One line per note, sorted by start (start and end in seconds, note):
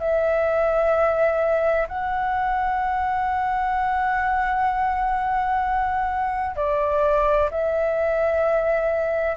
0.00 1.87 E5
1.88 6.56 F#5
6.56 7.50 D5
7.51 9.37 E5